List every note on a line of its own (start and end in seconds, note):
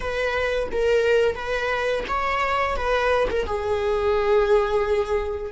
0.00 0.69 B4
0.71 1.35 A#4
1.35 2.04 B4
2.08 2.76 C#5
2.76 3.28 B4
3.30 3.45 A#4
3.45 5.52 G#4